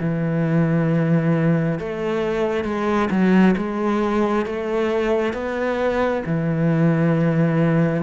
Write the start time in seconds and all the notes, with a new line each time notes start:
0.00 E3
1.79 A3
2.65 G#3
3.11 F#3
3.57 G#3
4.46 A3
5.34 B3
6.26 E3